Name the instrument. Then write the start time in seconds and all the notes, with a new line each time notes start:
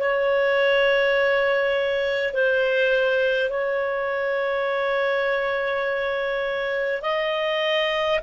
clarinet
0.00 C#5
2.34 C5
3.50 C#5
7.02 D#5